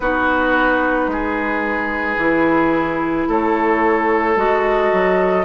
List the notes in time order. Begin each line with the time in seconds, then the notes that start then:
0.00 B3 D#4 F#4 B4
1.07 G#3 G#4
2.17 E3 E4
3.28 A3 A4 C#5
4.35 G#3 F#4 D#5
4.92 F#3